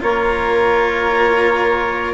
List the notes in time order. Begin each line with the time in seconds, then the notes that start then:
0.00 A#3 F4 A#4 C#5